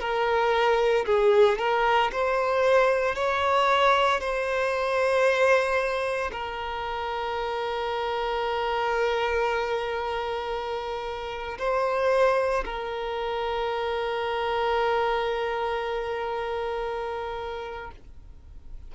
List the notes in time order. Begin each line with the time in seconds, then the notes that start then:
0.00 A#4
1.06 G#4
1.58 A#4
2.12 C5
3.15 C#5
4.21 C5
6.32 A#4
11.59 C5
12.65 A#4